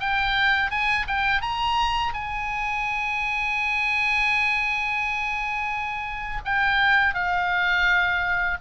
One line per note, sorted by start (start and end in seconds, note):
0.00 0.71 G5
0.71 1.06 G#5
1.07 1.42 G5
1.42 2.13 A#5
2.13 6.42 G#5
6.45 7.15 G5
7.15 8.57 F5